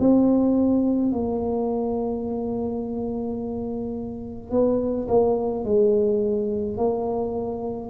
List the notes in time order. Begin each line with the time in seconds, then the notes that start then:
0.00 C4
1.12 A#3
4.51 B3
5.08 A#3
5.64 G#3
6.77 A#3